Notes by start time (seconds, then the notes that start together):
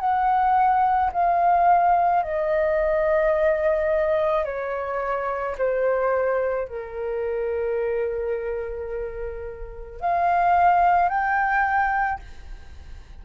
0.00 F#5
1.13 F5
2.23 D#5
4.45 C#5
5.58 C5
6.68 A#4
10.01 F5
11.09 G5